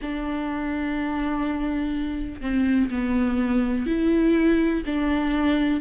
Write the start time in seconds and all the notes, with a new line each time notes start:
0.01 D4
2.41 C4
2.89 B3
3.86 E4
4.86 D4